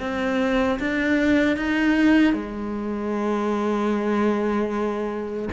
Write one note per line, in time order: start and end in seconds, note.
0.00 0.79 C4
0.80 1.56 D4
1.56 2.33 D#4
2.33 5.49 G#3